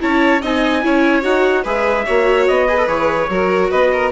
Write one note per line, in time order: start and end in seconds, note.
0.00 0.43 C#4
0.00 0.41 E4
0.00 0.42 C#5
0.00 0.43 A5
0.42 0.84 C4
0.42 0.82 D#4
0.42 0.83 D#5
0.42 1.24 G#5
0.82 1.24 C#4
0.82 1.22 E4
0.82 1.64 C#5
1.22 1.65 D#4
1.22 1.63 F#4
1.22 1.65 F#5
1.64 2.06 G#3
1.64 2.06 G#4
1.64 2.05 B4
1.64 2.48 E5
2.06 2.49 A#3
2.06 2.69 F#4
2.06 2.68 C#5
2.48 2.87 B3
2.48 2.88 D#5
2.68 2.78 G#4
2.68 3.30 B4
2.78 2.87 A4
2.87 3.28 E3
2.87 3.28 G#4
2.87 3.70 C#5
3.29 3.70 F#3
3.29 4.13 F#4
3.29 3.71 A#4
3.71 4.13 B3
3.71 3.91 B4
3.71 4.12 D#5
3.93 4.13 A#4